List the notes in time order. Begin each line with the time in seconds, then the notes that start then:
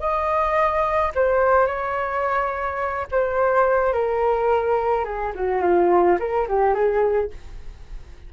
0.00 D#5
1.15 C5
1.67 C#5
3.12 C5
3.93 A#4
5.05 G#4
5.35 F#4
5.62 F4
6.20 A#4
6.49 G4
6.75 G#4